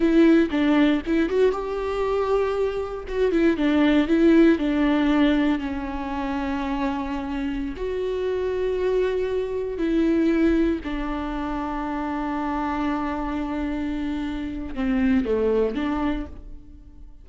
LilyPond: \new Staff \with { instrumentName = "viola" } { \time 4/4 \tempo 4 = 118 e'4 d'4 e'8 fis'8 g'4~ | g'2 fis'8 e'8 d'4 | e'4 d'2 cis'4~ | cis'2.~ cis'16 fis'8.~ |
fis'2.~ fis'16 e'8.~ | e'4~ e'16 d'2~ d'8.~ | d'1~ | d'4 c'4 a4 d'4 | }